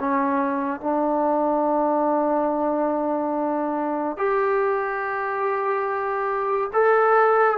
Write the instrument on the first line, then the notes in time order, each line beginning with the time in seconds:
trombone
0.00 C#4
0.81 D4
4.18 G4
6.74 A4